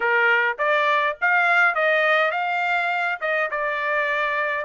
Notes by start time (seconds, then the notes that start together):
0.00 A#4
0.58 D5
1.21 F5
1.74 D#5
2.31 F5
3.20 D#5
3.50 D5